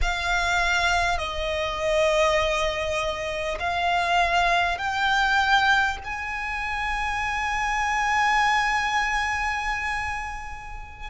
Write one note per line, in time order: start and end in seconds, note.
0.01 1.18 F5
1.18 3.58 D#5
3.59 4.78 F5
4.78 5.98 G5
6.04 11.09 G#5